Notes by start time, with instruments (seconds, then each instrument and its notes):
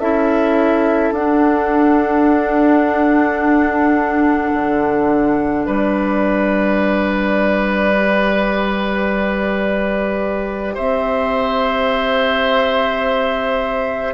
0.00 bassoon C#4, clarinet E4, oboe A4, flute E5
1.12 bassoon D4, clarinet D4, flute F#5
4.54 bassoon D3
5.66 bassoon G3, oboe B4, flute D5
7.93 clarinet G4
10.75 bassoon C4, oboe C5, flute E5